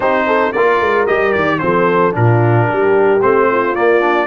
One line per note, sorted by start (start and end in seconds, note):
0.00 0.50 C4
0.00 0.53 D#4
0.00 0.25 G4
0.00 0.52 C5
0.27 0.52 A4
0.52 0.80 A#3
0.52 1.07 F4
0.52 1.59 A#4
0.52 1.06 D5
0.80 1.07 G#3
1.06 1.35 G3
1.06 1.60 G4
1.06 1.32 D#5
1.32 1.62 D#3
1.32 1.59 D5
1.59 2.15 F3
1.59 2.12 C4
1.59 2.16 A4
1.59 2.12 C5
2.12 2.69 A#2
2.12 3.19 D4
2.12 2.67 F4
2.12 3.21 A#4
2.67 3.22 G3
2.67 3.47 G4
3.21 3.75 A3
3.21 3.75 C4
3.21 3.75 C5
3.50 4.26 F4
3.75 4.00 A#3
3.75 4.26 A#3
3.75 4.26 D5
4.00 4.26 D4